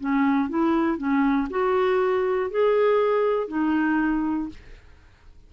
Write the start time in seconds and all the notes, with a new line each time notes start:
0.00 C#4
0.49 E4
0.97 C#4
1.50 F#4
2.50 G#4
3.48 D#4